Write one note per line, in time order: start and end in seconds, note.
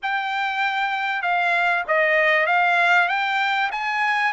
0.02 1.22 G5
1.22 1.84 F5
1.87 2.46 D#5
2.46 3.08 F5
3.08 3.70 G5
3.71 4.32 G#5